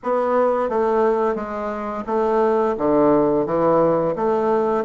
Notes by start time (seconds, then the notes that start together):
0.03 B3
0.69 A3
1.34 G#3
2.06 A3
2.77 D3
3.45 E3
4.15 A3